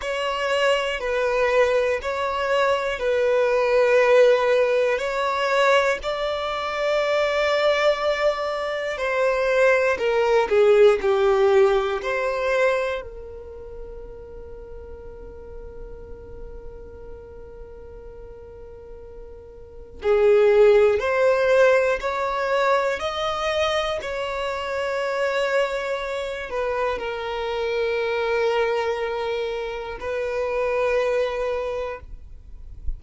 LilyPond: \new Staff \with { instrumentName = "violin" } { \time 4/4 \tempo 4 = 60 cis''4 b'4 cis''4 b'4~ | b'4 cis''4 d''2~ | d''4 c''4 ais'8 gis'8 g'4 | c''4 ais'2.~ |
ais'1 | gis'4 c''4 cis''4 dis''4 | cis''2~ cis''8 b'8 ais'4~ | ais'2 b'2 | }